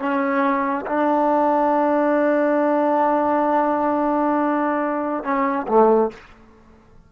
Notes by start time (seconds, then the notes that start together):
0.00 C#4
0.87 D4
5.24 C#4
5.68 A3